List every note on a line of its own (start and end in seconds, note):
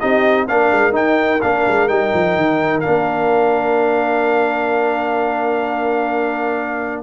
0.00 0.49 C4
0.00 0.48 D#4
0.00 0.48 G4
0.00 0.47 D#5
0.48 0.72 A#3
0.48 0.92 D4
0.48 7.04 A#4
0.48 0.95 F5
0.72 0.92 G#3
0.92 1.39 D#4
0.92 1.42 G5
1.42 1.66 A#3
1.42 1.89 D4
1.42 1.88 F5
1.68 1.90 G#3
1.88 2.13 G3
1.88 2.83 D#4
1.88 2.81 G5
2.14 2.37 F3
2.37 2.84 D#3
2.81 7.04 D4
2.81 7.03 F5
2.87 7.04 A#3